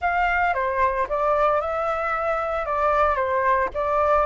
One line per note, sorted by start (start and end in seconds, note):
0.01 0.54 F5
0.54 1.07 C5
1.08 1.60 D5
1.60 2.65 E5
2.65 3.15 D5
3.15 3.69 C5
3.74 4.26 D5